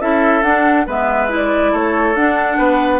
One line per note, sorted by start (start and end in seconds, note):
0.00 0.43 C#4
0.00 0.43 E4
0.00 0.86 A4
0.00 0.43 E5
0.43 0.86 D4
0.43 0.86 F#5
0.86 1.73 G#3
0.86 1.28 B3
0.86 1.72 B4
0.86 1.33 E5
1.28 2.15 E4
1.35 1.75 D5
1.72 2.16 A3
1.72 2.58 A4
1.72 2.16 C#5
2.16 2.58 D4
2.16 3.00 D4
2.16 3.00 F#5
2.58 3.00 B3
2.58 3.00 B4